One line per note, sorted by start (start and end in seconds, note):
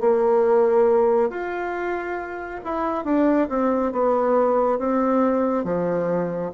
0.00 1.30 A#3
1.30 2.60 F4
2.64 3.04 E4
3.04 3.48 D4
3.49 3.92 C4
3.92 4.78 B3
4.78 5.64 C4
5.64 6.51 F3